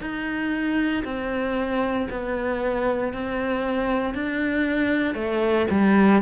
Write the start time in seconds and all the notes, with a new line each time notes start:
0.00 D#4
1.04 C4
2.10 B3
3.13 C4
4.14 D4
5.14 A3
5.70 G3